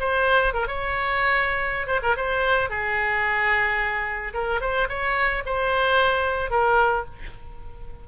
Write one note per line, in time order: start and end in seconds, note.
0.00 0.54 C5
0.54 0.68 A#4
0.68 1.87 C#5
1.87 2.01 C5
2.03 2.17 A#4
2.17 2.70 C5
2.70 4.34 G#4
4.34 4.61 A#4
4.61 4.89 C5
4.89 5.44 C#5
5.46 6.51 C5
6.51 7.05 A#4